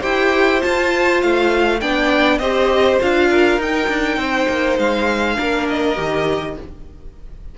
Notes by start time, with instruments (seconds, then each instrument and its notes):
0.00 cello E4, viola G4, violin C5 G5
0.60 viola F4, cello F4, violin A5
1.21 cello A3, violin F5
1.80 cello B3, viola D4, violin D5 G5
2.38 cello C4, viola G4, violin C5 D#5
3.00 cello D4, viola F4, violin F5
3.30 violin A#4
3.58 cello D#4, viola D#4, violin G5
3.88 cello D4
4.16 cello C4, violin C5
4.48 cello A#3
4.78 cello G#3, violin F5
5.36 cello A#3, viola D4, violin A#4
5.68 violin D#5
5.95 cello D#3, viola G4